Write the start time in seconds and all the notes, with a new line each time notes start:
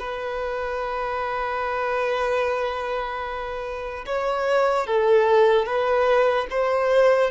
0.00 B4
4.07 C#5
4.87 A4
5.66 B4
6.51 C5